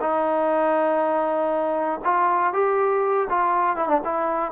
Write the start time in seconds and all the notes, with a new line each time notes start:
0.00 D#4
2.04 F4
2.53 G4
3.29 F4
3.76 E4
3.88 D4
4.04 E4